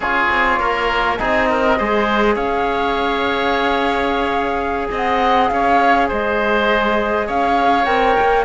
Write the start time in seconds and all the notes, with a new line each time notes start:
0.00 C#4 F4 G#4 C#5
0.30 C4
0.59 A#3 A#4
1.17 C4 D#4 G#4 D#5
1.49 A#4
1.77 G#3 G#4 C5
2.35 C#4 C#5 F5
4.90 C4 D#5 F#5
5.48 C#4 C#5 F5
6.08 G#3 C5 D#5
7.26 C#4 C#5 F5
7.84 C4 A#4 G5
8.20 A#3